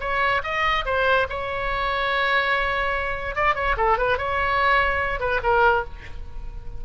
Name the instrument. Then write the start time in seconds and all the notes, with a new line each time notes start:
oboe
0.00 C#5
0.43 D#5
0.85 C5
1.29 C#5
3.35 D5
3.55 C#5
3.77 A4
3.97 B4
4.17 C#5
5.19 B4
5.43 A#4